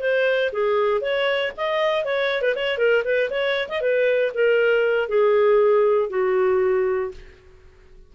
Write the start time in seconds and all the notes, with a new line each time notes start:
0.00 C5
0.52 G#4
1.01 C#5
1.57 D#5
2.04 C#5
2.42 B4
2.55 C#5
2.78 A#4
3.04 B4
3.30 C#5
3.69 D#5
3.81 B4
4.34 A#4
5.08 G#4
6.09 F#4